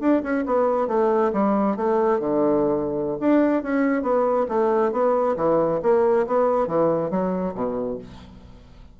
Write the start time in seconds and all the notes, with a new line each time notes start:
0.00 D4
0.22 C#4
0.46 B3
0.88 A3
1.33 G3
1.76 A3
2.19 D3
3.20 D4
3.63 C#4
4.02 B3
4.48 A3
4.92 B3
5.36 E3
5.82 A#3
6.27 B3
6.67 E3
7.10 F#3
7.54 B2